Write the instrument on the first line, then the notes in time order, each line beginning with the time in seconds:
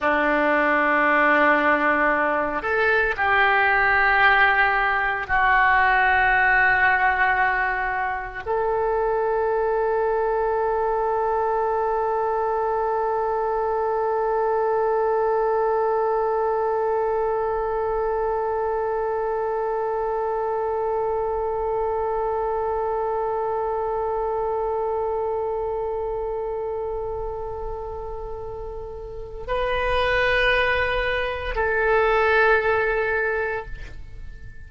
oboe
0.00 D4
2.62 A4
3.16 G4
5.27 F#4
8.45 A4
29.47 B4
31.55 A4